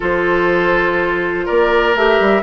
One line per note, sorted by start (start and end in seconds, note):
0.00 1.47 F3
0.00 1.94 F4
0.00 1.45 A4
0.00 1.47 C5
1.45 1.95 A#3
1.45 2.42 A#4
1.45 1.96 D5
1.95 2.19 A3
1.95 2.42 G4
1.95 2.42 E5
2.20 2.42 G3